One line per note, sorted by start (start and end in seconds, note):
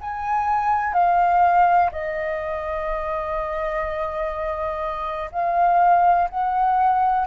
0.00 0.93 G#5
0.93 1.90 F5
1.91 5.30 D#5
5.32 6.29 F5
6.29 7.26 F#5